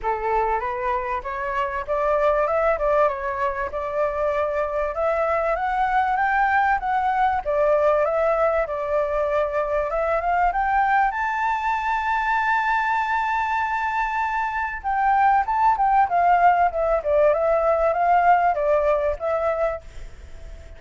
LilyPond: \new Staff \with { instrumentName = "flute" } { \time 4/4 \tempo 4 = 97 a'4 b'4 cis''4 d''4 | e''8 d''8 cis''4 d''2 | e''4 fis''4 g''4 fis''4 | d''4 e''4 d''2 |
e''8 f''8 g''4 a''2~ | a''1 | g''4 a''8 g''8 f''4 e''8 d''8 | e''4 f''4 d''4 e''4 | }